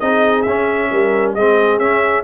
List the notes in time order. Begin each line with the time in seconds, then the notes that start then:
0.00 C4 D#4 G#4 D#5
0.42 C#4 E5
0.91 G3 A#4
1.34 G#3 C4 G#4 D#5
1.79 C#4 E5